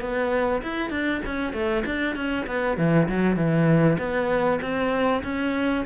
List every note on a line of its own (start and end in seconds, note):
0.00 0.61 B3
0.62 0.90 E4
0.90 1.21 D4
1.25 1.53 C#4
1.53 1.83 A3
1.85 2.15 D4
2.15 2.46 C#4
2.46 2.77 B3
2.77 3.08 E3
3.08 3.36 F#3
3.36 3.97 E3
3.99 4.60 B3
4.61 5.22 C4
5.23 5.84 C#4